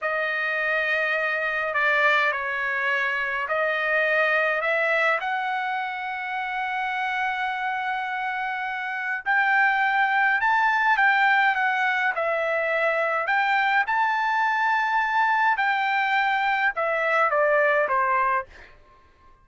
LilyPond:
\new Staff \with { instrumentName = "trumpet" } { \time 4/4 \tempo 4 = 104 dis''2. d''4 | cis''2 dis''2 | e''4 fis''2.~ | fis''1 |
g''2 a''4 g''4 | fis''4 e''2 g''4 | a''2. g''4~ | g''4 e''4 d''4 c''4 | }